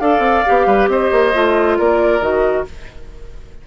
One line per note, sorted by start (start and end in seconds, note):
0.00 0.19 D4
0.00 0.45 A4
0.00 0.67 D5
0.00 0.88 F5
0.19 0.41 C4
0.46 0.66 B3
0.46 1.33 G4
0.66 0.88 G3
0.66 0.89 B4
0.88 1.10 C4
0.88 1.78 C5
0.88 1.77 D#5
1.11 1.33 A#3
1.33 1.79 A3
1.33 2.21 F4
1.78 2.20 A#3
1.78 2.67 A#4
1.78 2.22 D5
2.20 2.64 D#3
2.20 2.65 F#4
2.20 2.66 D#5